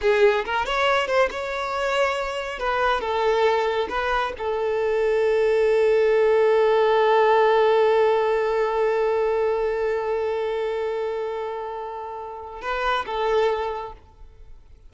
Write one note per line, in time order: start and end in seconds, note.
0.01 0.44 G#4
0.45 0.65 A#4
0.65 1.07 C#5
1.07 1.29 C5
1.30 2.59 C#5
2.59 3.00 B4
3.00 3.87 A4
3.89 4.32 B4
4.38 12.61 A4
12.61 13.05 B4
13.06 13.92 A4